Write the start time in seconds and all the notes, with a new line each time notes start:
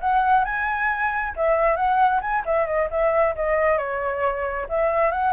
0.00 F#5
0.45 G#5
1.36 E5
1.76 F#5
2.21 G#5
2.45 E5
2.66 D#5
2.91 E5
3.35 D#5
3.78 C#5
4.69 E5
5.11 F#5